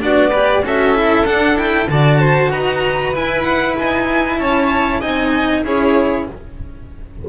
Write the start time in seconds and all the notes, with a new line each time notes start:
0.00 B3 D4 F#4 D5
0.30 G4 B4
0.62 C#4 F#4 A4 E5
0.94 E4
1.25 D4 F#5
1.56 E4 G5
1.88 D3 F#4 D5 A5
2.19 C5
2.50 D#4 B4 A#5
3.13 E4 G#5
3.43 F#5
3.77 D#4 G#5
4.39 C#4 C#5 A5
5.00 C4 D#4 D#5 G#5
5.64 C#4 E4 G#4 C#5